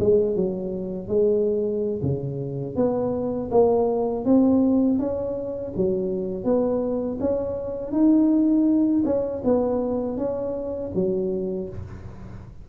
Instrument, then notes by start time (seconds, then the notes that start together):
tuba
0.00 G#3
0.36 F#3
1.08 G#3
2.02 C#3
2.76 B3
3.51 A#3
4.25 C4
4.99 C#4
5.76 F#3
6.44 B3
7.20 C#4
7.92 D#4
9.05 C#4
9.44 B3
10.18 C#4
10.95 F#3